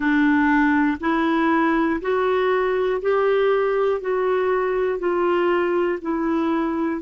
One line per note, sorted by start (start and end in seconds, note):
0.00 0.97 D4
1.00 2.00 E4
2.00 3.00 F#4
3.01 4.00 G4
4.00 4.98 F#4
4.98 5.98 F4
6.01 7.01 E4